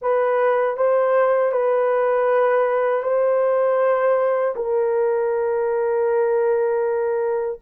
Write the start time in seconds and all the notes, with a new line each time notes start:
0.01 B4
0.76 C5
1.52 B4
3.02 C5
4.55 A#4